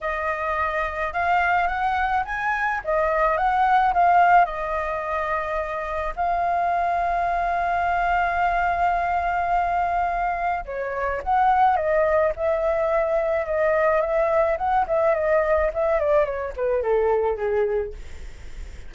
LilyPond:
\new Staff \with { instrumentName = "flute" } { \time 4/4 \tempo 4 = 107 dis''2 f''4 fis''4 | gis''4 dis''4 fis''4 f''4 | dis''2. f''4~ | f''1~ |
f''2. cis''4 | fis''4 dis''4 e''2 | dis''4 e''4 fis''8 e''8 dis''4 | e''8 d''8 cis''8 b'8 a'4 gis'4 | }